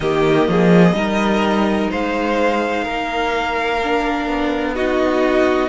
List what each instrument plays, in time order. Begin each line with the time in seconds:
0.00 cello D#3, viola A#3, violin G4 D#5
0.47 cello F3, violin G#4
0.92 cello G3, viola D#4, violin A#4
1.90 cello G#3, violin C5 F5
2.84 cello A#3, violin A#4
3.83 viola D4
4.27 cello B3
4.74 viola D#4, violin F#4 D#5